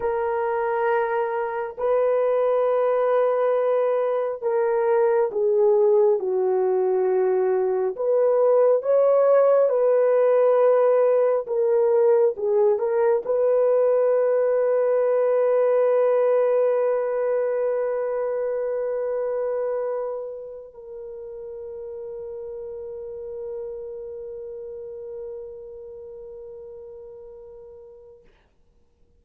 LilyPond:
\new Staff \with { instrumentName = "horn" } { \time 4/4 \tempo 4 = 68 ais'2 b'2~ | b'4 ais'4 gis'4 fis'4~ | fis'4 b'4 cis''4 b'4~ | b'4 ais'4 gis'8 ais'8 b'4~ |
b'1~ | b'2.~ b'8 ais'8~ | ais'1~ | ais'1 | }